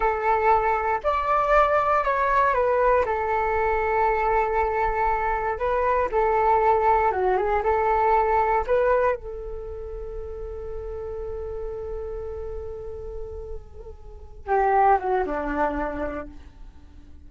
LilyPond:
\new Staff \with { instrumentName = "flute" } { \time 4/4 \tempo 4 = 118 a'2 d''2 | cis''4 b'4 a'2~ | a'2. b'4 | a'2 fis'8 gis'8 a'4~ |
a'4 b'4 a'2~ | a'1~ | a'1~ | a'8 g'4 fis'8 d'2 | }